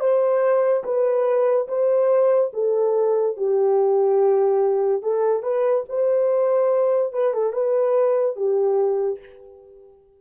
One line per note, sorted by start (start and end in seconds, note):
0.00 0.83 C5
0.84 1.67 B4
1.68 2.51 C5
2.53 3.36 A4
3.37 5.02 G4
5.02 5.42 A4
5.42 5.84 B4
5.89 7.13 C5
7.13 7.33 B4
7.33 7.53 A4
7.53 8.36 B4
8.36 9.19 G4